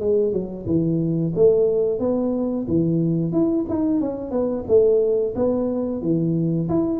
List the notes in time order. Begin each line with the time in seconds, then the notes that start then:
0.00 G#3
0.32 F#3
0.66 E3
1.35 A3
1.99 B3
2.68 E3
3.32 E4
3.69 D#4
4.00 C#4
4.31 B3
4.67 A3
5.35 B3
6.02 E3
6.69 E4